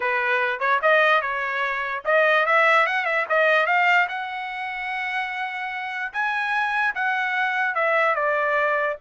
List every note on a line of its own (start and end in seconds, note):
0.00 0.59 B4
0.59 0.79 C#5
0.81 1.21 D#5
1.21 2.03 C#5
2.05 2.45 D#5
2.46 2.86 E5
2.86 3.05 F#5
3.05 3.25 E5
3.29 3.66 D#5
3.66 4.07 F5
4.08 6.12 F#5
6.12 6.94 G#5
6.94 7.74 F#5
7.74 8.15 E5
8.15 8.97 D5